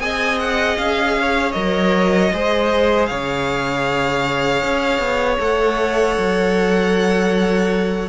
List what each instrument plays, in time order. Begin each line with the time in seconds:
0.00 cello C4, viola G#4, violin D#5 G#5
0.40 violin F#5
0.77 cello C#4, violin F5
1.20 violin C#5
1.52 cello F#3, viola A#4, violin D#5
2.33 cello G#3, viola G#4, violin C5
3.06 cello C#3, violin C#5 F5
4.63 cello C#4
4.99 cello B3
5.40 cello A3, viola A4, violin F#5
6.18 cello F#3